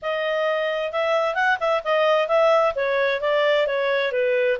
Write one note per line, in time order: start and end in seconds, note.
0.02 0.92 D#5
0.92 1.34 E5
1.34 1.57 F#5
1.59 1.82 E5
1.84 2.28 D#5
2.28 2.73 E5
2.75 3.21 C#5
3.21 3.66 D5
3.66 4.12 C#5
4.12 4.58 B4